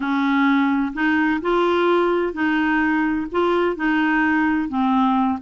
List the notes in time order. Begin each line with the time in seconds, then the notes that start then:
0.00 C#4
0.93 D#4
1.41 F4
2.33 D#4
3.31 F4
3.76 D#4
4.68 C4